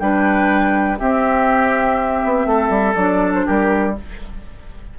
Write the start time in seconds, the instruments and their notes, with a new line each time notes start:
0.00 bassoon G3, clarinet D4, oboe B4, flute G5
0.98 clarinet C4, bassoon C4, oboe G4, flute E5
2.24 bassoon B3
2.46 bassoon A3, oboe A4
2.70 bassoon G3
2.96 bassoon F#3, clarinet D4, flute D5
3.35 flute C5
3.46 bassoon G3, oboe G4, flute A#4